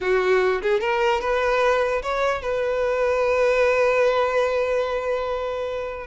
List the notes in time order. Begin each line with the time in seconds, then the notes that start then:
0.00 F#4
0.62 G#4
0.80 A#4
1.21 B4
2.02 C#5
2.41 B4